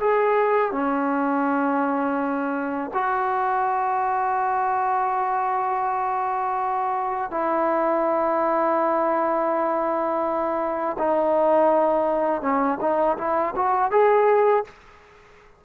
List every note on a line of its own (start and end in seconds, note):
0.00 0.72 G#4
0.72 2.91 C#4
2.93 7.31 F#4
7.31 10.97 E4
10.98 12.41 D#4
12.41 12.78 C#4
12.81 13.17 D#4
13.17 13.54 E4
13.55 13.91 F#4
13.91 14.64 G#4